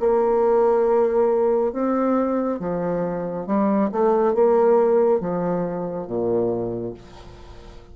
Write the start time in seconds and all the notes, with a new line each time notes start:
0.00 A#3
1.73 C4
2.60 F3
3.47 G3
3.92 A3
4.34 A#3
5.20 F3
6.07 A#2